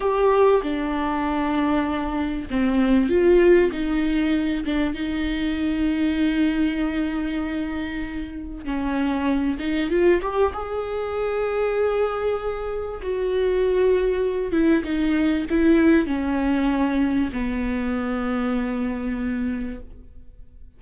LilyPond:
\new Staff \with { instrumentName = "viola" } { \time 4/4 \tempo 4 = 97 g'4 d'2. | c'4 f'4 dis'4. d'8 | dis'1~ | dis'2 cis'4. dis'8 |
f'8 g'8 gis'2.~ | gis'4 fis'2~ fis'8 e'8 | dis'4 e'4 cis'2 | b1 | }